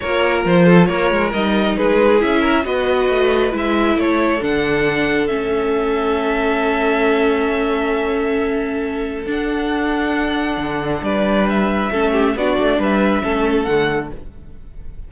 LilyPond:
<<
  \new Staff \with { instrumentName = "violin" } { \time 4/4 \tempo 4 = 136 cis''4 c''4 cis''4 dis''4 | b'4 e''4 dis''2 | e''4 cis''4 fis''2 | e''1~ |
e''1~ | e''4 fis''2.~ | fis''4 d''4 e''2 | d''4 e''2 fis''4 | }
  \new Staff \with { instrumentName = "violin" } { \time 4/4 ais'4. a'8 ais'2 | gis'4. ais'8 b'2~ | b'4 a'2.~ | a'1~ |
a'1~ | a'1~ | a'4 b'2 a'8 g'8 | fis'4 b'4 a'2 | }
  \new Staff \with { instrumentName = "viola" } { \time 4/4 f'2. dis'4~ | dis'4 e'4 fis'2 | e'2 d'2 | cis'1~ |
cis'1~ | cis'4 d'2.~ | d'2. cis'4 | d'2 cis'4 a4 | }
  \new Staff \with { instrumentName = "cello" } { \time 4/4 ais4 f4 ais8 gis8 g4 | gis4 cis'4 b4 a4 | gis4 a4 d2 | a1~ |
a1~ | a4 d'2. | d4 g2 a4 | b8 a8 g4 a4 d4 | }
>>